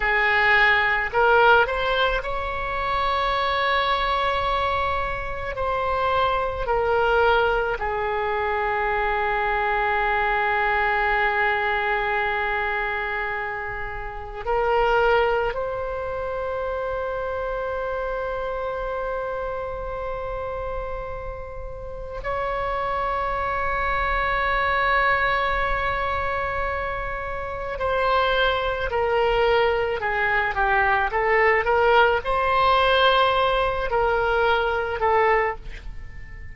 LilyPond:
\new Staff \with { instrumentName = "oboe" } { \time 4/4 \tempo 4 = 54 gis'4 ais'8 c''8 cis''2~ | cis''4 c''4 ais'4 gis'4~ | gis'1~ | gis'4 ais'4 c''2~ |
c''1 | cis''1~ | cis''4 c''4 ais'4 gis'8 g'8 | a'8 ais'8 c''4. ais'4 a'8 | }